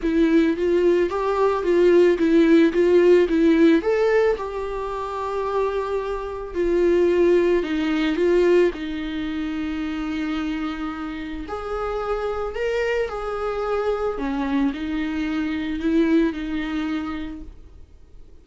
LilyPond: \new Staff \with { instrumentName = "viola" } { \time 4/4 \tempo 4 = 110 e'4 f'4 g'4 f'4 | e'4 f'4 e'4 a'4 | g'1 | f'2 dis'4 f'4 |
dis'1~ | dis'4 gis'2 ais'4 | gis'2 cis'4 dis'4~ | dis'4 e'4 dis'2 | }